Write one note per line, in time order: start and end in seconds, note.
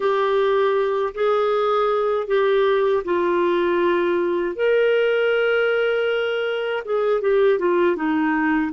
0.00 1.13 G4
1.14 2.27 G#4
2.27 3.03 G4
3.04 4.55 F4
4.55 6.83 A#4
6.84 7.21 G#4
7.21 7.58 G4
7.58 7.95 F4
7.95 8.71 D#4